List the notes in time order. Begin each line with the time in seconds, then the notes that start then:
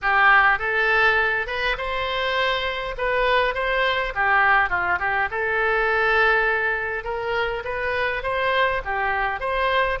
0.02 G4
0.58 A4
1.47 B4
1.77 C5
2.97 B4
3.54 C5
4.14 G4
4.69 F4
4.99 G4
5.30 A4
7.04 A#4
7.64 B4
8.22 C5
8.84 G4
9.40 C5